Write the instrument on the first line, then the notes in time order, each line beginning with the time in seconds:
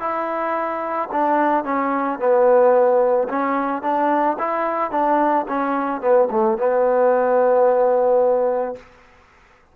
trombone
0.00 E4
1.12 D4
1.64 C#4
2.19 B3
3.29 C#4
3.82 D4
4.38 E4
4.91 D4
5.48 C#4
6.01 B3
6.30 A3
6.58 B3